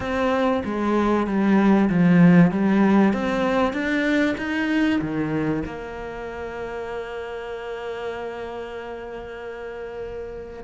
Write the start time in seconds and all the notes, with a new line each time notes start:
0.00 C4
0.64 G#3
1.26 G3
1.89 F3
2.51 G3
3.13 C4
3.73 D4
4.37 D#4
5.01 D#3
5.65 A#3